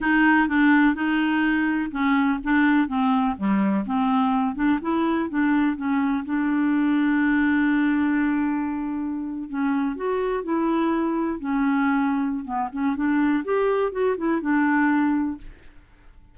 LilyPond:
\new Staff \with { instrumentName = "clarinet" } { \time 4/4 \tempo 4 = 125 dis'4 d'4 dis'2 | cis'4 d'4 c'4 g4 | c'4. d'8 e'4 d'4 | cis'4 d'2.~ |
d'2.~ d'8. cis'16~ | cis'8. fis'4 e'2 cis'16~ | cis'2 b8 cis'8 d'4 | g'4 fis'8 e'8 d'2 | }